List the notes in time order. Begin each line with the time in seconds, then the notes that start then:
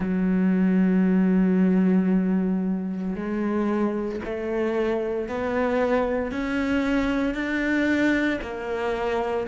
0.00 F#3
3.15 G#3
4.24 A3
5.28 B3
6.32 C#4
7.34 D4
8.41 A#3